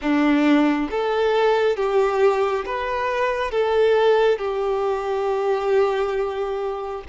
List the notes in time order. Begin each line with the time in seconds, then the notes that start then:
0.01 D4
0.90 A4
1.76 G4
2.65 B4
3.51 A4
4.38 G4